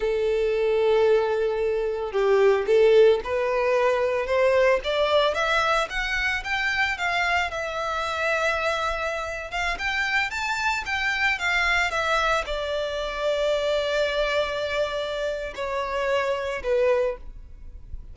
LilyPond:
\new Staff \with { instrumentName = "violin" } { \time 4/4 \tempo 4 = 112 a'1 | g'4 a'4 b'2 | c''4 d''4 e''4 fis''4 | g''4 f''4 e''2~ |
e''4.~ e''16 f''8 g''4 a''8.~ | a''16 g''4 f''4 e''4 d''8.~ | d''1~ | d''4 cis''2 b'4 | }